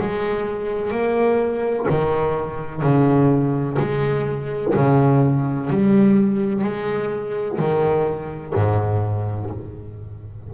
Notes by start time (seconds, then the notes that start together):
0.00 G#3
0.92 A#3
1.90 D#3
2.83 C#3
3.80 G#3
4.75 C#3
5.70 G3
6.64 G#3
7.59 D#3
8.55 G#2